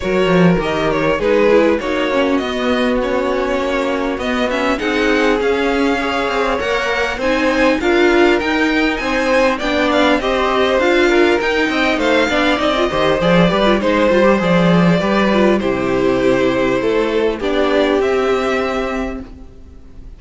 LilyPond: <<
  \new Staff \with { instrumentName = "violin" } { \time 4/4 \tempo 4 = 100 cis''4 dis''8 cis''8 b'4 cis''4 | dis''4 cis''2 dis''8 e''8 | fis''4 f''2 fis''4 | gis''4 f''4 g''4 gis''4 |
g''8 f''8 dis''4 f''4 g''4 | f''4 dis''4 d''4 c''4 | d''2 c''2~ | c''4 d''4 e''2 | }
  \new Staff \with { instrumentName = "violin" } { \time 4/4 ais'2 gis'4 fis'4~ | fis'1 | gis'2 cis''2 | c''4 ais'2 c''4 |
d''4 c''4. ais'4 dis''8 | c''8 d''4 c''4 b'8 c''4~ | c''4 b'4 g'2 | a'4 g'2. | }
  \new Staff \with { instrumentName = "viola" } { \time 4/4 fis'4 g'4 dis'8 e'8 dis'8 cis'8 | b4 cis'2 b8 cis'8 | dis'4 cis'4 gis'4 ais'4 | dis'4 f'4 dis'2 |
d'4 g'4 f'4 dis'4~ | dis'8 d'8 dis'16 f'16 g'8 gis'8 g'16 f'16 dis'8 f'16 g'16 | gis'4 g'8 f'8 e'2~ | e'4 d'4 c'2 | }
  \new Staff \with { instrumentName = "cello" } { \time 4/4 fis8 f8 dis4 gis4 ais4 | b2 ais4 b4 | c'4 cis'4. c'8 ais4 | c'4 d'4 dis'4 c'4 |
b4 c'4 d'4 dis'8 c'8 | a8 b8 c'8 dis8 f8 g8 gis8 g8 | f4 g4 c2 | a4 b4 c'2 | }
>>